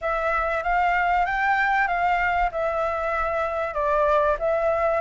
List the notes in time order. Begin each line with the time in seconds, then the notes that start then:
0.01 E5
0.63 F5
1.25 G5
1.87 F5
2.51 E5
3.73 D5
4.39 E5